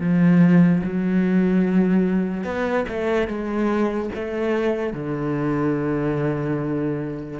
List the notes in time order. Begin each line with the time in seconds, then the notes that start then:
0.00 F3
0.84 F#3
2.44 B3
2.88 A3
3.28 G#3
4.15 A3
4.93 D3